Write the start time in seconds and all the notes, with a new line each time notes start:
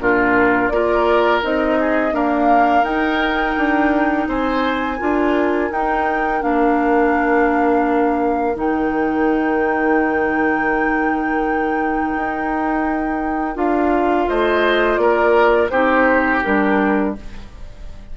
0.00 A#2 D4 F4 A#4
0.69 A#3 F4 A#4 D5
1.42 C4 D#4 D#5
1.80 G#4
2.12 A#3 D4 A#4 F5
2.83 D#4 G5
3.58 D4
4.28 C4 C5 G#5
4.98 D4 F4 A#4
5.71 D#4 G5
6.40 A#3 D4 F5
8.54 D#3 D#4 G5
12.17 D#4
13.55 D4 F4 F5
14.29 A3 C5 D#5
14.97 A#3 A#4 D5
15.70 C4 D#4 G4 C5
16.44 G3 D4 A#4